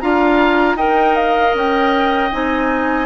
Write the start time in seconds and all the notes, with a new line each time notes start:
0.00 D4 F4 F5 A#5
0.75 D#4 A#4 D#5 G5
1.16 F5
1.55 C#4 G5
2.32 C4 D#4 G#5